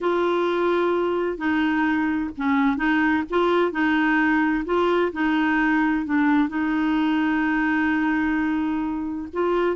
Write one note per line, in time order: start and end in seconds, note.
0.01 1.37 F4
1.37 2.30 D#4
2.37 2.77 C#4
2.77 3.23 D#4
3.30 3.71 F4
3.71 4.64 D#4
4.65 5.11 F4
5.12 6.05 D#4
6.05 6.49 D4
6.49 9.28 D#4
9.33 9.76 F4